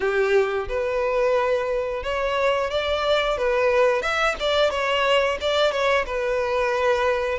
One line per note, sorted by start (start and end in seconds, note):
0.00 0.67 G4
0.68 2.03 B4
2.03 2.70 C#5
2.70 3.37 D5
3.37 4.02 B4
4.02 4.35 E5
4.39 4.70 D5
4.70 5.37 C#5
5.40 5.71 D5
5.71 6.05 C#5
6.06 7.39 B4